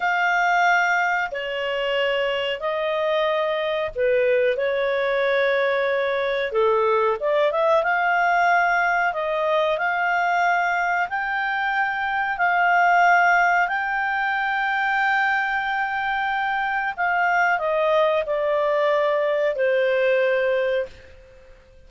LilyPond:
\new Staff \with { instrumentName = "clarinet" } { \time 4/4 \tempo 4 = 92 f''2 cis''2 | dis''2 b'4 cis''4~ | cis''2 a'4 d''8 e''8 | f''2 dis''4 f''4~ |
f''4 g''2 f''4~ | f''4 g''2.~ | g''2 f''4 dis''4 | d''2 c''2 | }